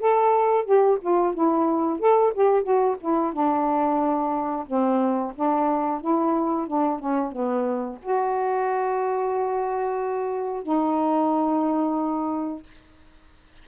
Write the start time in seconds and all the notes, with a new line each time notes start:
0.00 A4
0.65 G4
1.01 F4
1.34 E4
1.99 A4
2.34 G4
2.63 F#4
3.01 E4
3.33 D4
4.67 C4
5.35 D4
6.01 E4
6.67 D4
6.99 C#4
7.32 B3
8.02 F#4
10.63 D#4